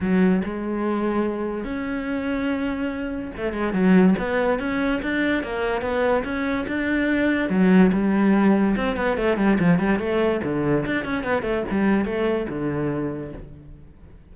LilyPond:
\new Staff \with { instrumentName = "cello" } { \time 4/4 \tempo 4 = 144 fis4 gis2. | cis'1 | a8 gis8 fis4 b4 cis'4 | d'4 ais4 b4 cis'4 |
d'2 fis4 g4~ | g4 c'8 b8 a8 g8 f8 g8 | a4 d4 d'8 cis'8 b8 a8 | g4 a4 d2 | }